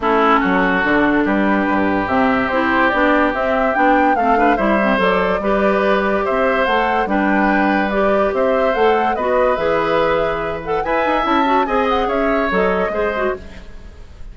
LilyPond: <<
  \new Staff \with { instrumentName = "flute" } { \time 4/4 \tempo 4 = 144 a'2. b'4~ | b'4 e''4 c''4 d''4 | e''4 g''4 f''4 e''4 | d''2. e''4 |
fis''4 g''2 d''4 | e''4 fis''4 dis''4 e''4~ | e''4. fis''8 gis''4 a''4 | gis''8 fis''8 e''4 dis''2 | }
  \new Staff \with { instrumentName = "oboe" } { \time 4/4 e'4 fis'2 g'4~ | g'1~ | g'2 a'8 b'8 c''4~ | c''4 b'2 c''4~ |
c''4 b'2. | c''2 b'2~ | b'2 e''2 | dis''4 cis''2 c''4 | }
  \new Staff \with { instrumentName = "clarinet" } { \time 4/4 cis'2 d'2~ | d'4 c'4 e'4 d'4 | c'4 d'4 c'8 d'8 e'8 c'8 | a'4 g'2. |
a'4 d'2 g'4~ | g'4 a'4 fis'4 gis'4~ | gis'4. a'8 b'4 e'8 fis'8 | gis'2 a'4 gis'8 fis'8 | }
  \new Staff \with { instrumentName = "bassoon" } { \time 4/4 a4 fis4 d4 g4 | g,4 c4 c'4 b4 | c'4 b4 a4 g4 | fis4 g2 c'4 |
a4 g2. | c'4 a4 b4 e4~ | e2 e'8 dis'8 cis'4 | c'4 cis'4 fis4 gis4 | }
>>